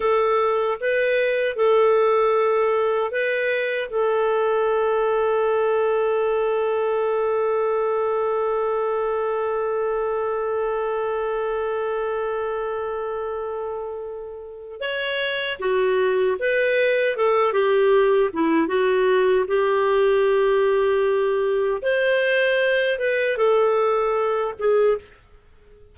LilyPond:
\new Staff \with { instrumentName = "clarinet" } { \time 4/4 \tempo 4 = 77 a'4 b'4 a'2 | b'4 a'2.~ | a'1~ | a'1~ |
a'2. cis''4 | fis'4 b'4 a'8 g'4 e'8 | fis'4 g'2. | c''4. b'8 a'4. gis'8 | }